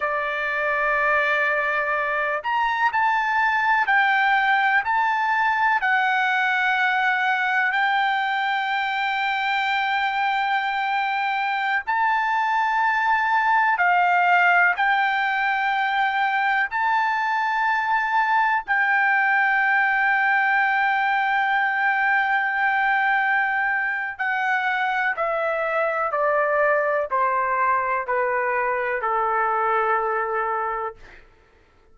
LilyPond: \new Staff \with { instrumentName = "trumpet" } { \time 4/4 \tempo 4 = 62 d''2~ d''8 ais''8 a''4 | g''4 a''4 fis''2 | g''1~ | g''16 a''2 f''4 g''8.~ |
g''4~ g''16 a''2 g''8.~ | g''1~ | g''4 fis''4 e''4 d''4 | c''4 b'4 a'2 | }